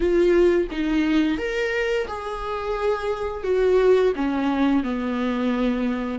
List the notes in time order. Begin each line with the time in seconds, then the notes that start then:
0.00 F4
0.71 D#4
1.38 A#4
2.07 G#4
3.43 F#4
4.15 C#4
4.83 B3